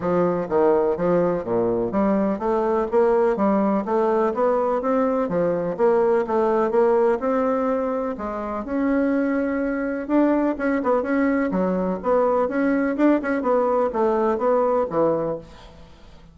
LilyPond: \new Staff \with { instrumentName = "bassoon" } { \time 4/4 \tempo 4 = 125 f4 dis4 f4 ais,4 | g4 a4 ais4 g4 | a4 b4 c'4 f4 | ais4 a4 ais4 c'4~ |
c'4 gis4 cis'2~ | cis'4 d'4 cis'8 b8 cis'4 | fis4 b4 cis'4 d'8 cis'8 | b4 a4 b4 e4 | }